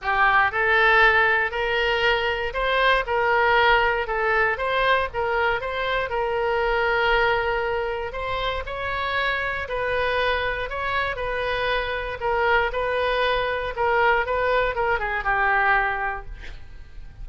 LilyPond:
\new Staff \with { instrumentName = "oboe" } { \time 4/4 \tempo 4 = 118 g'4 a'2 ais'4~ | ais'4 c''4 ais'2 | a'4 c''4 ais'4 c''4 | ais'1 |
c''4 cis''2 b'4~ | b'4 cis''4 b'2 | ais'4 b'2 ais'4 | b'4 ais'8 gis'8 g'2 | }